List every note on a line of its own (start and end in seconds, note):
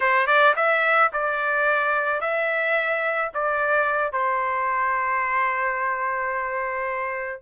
0.00 0.26 C5
0.26 0.54 D5
0.56 1.11 E5
1.13 2.20 D5
2.20 3.30 E5
3.34 4.12 D5
4.12 7.42 C5